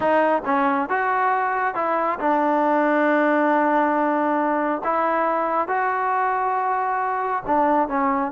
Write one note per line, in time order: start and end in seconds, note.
0.00 0.42 D#4
0.45 0.89 C#4
0.89 1.75 F#4
1.75 2.18 E4
2.19 4.82 D4
4.84 5.68 E4
5.68 7.43 F#4
7.46 7.88 D4
7.88 8.31 C#4